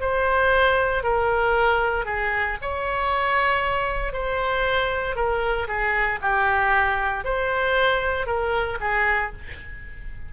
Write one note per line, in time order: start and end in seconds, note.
0.00 1.03 C5
1.03 2.05 A#4
2.05 2.57 G#4
2.61 4.13 C#5
4.13 5.15 C5
5.15 5.67 A#4
5.68 6.19 G#4
6.22 7.24 G4
7.24 8.26 C5
8.26 8.78 A#4
8.80 9.32 G#4